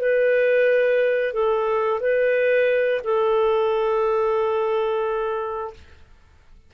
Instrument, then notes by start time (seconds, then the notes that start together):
clarinet
0.00 B4
1.33 A4
2.00 B4
3.04 A4